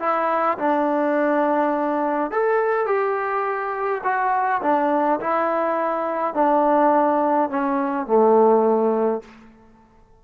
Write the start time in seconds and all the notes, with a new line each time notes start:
0.00 E4
0.58 D4
2.31 A4
2.86 G4
4.04 F#4
4.62 D4
5.20 E4
6.34 D4
7.50 C#4
8.07 A3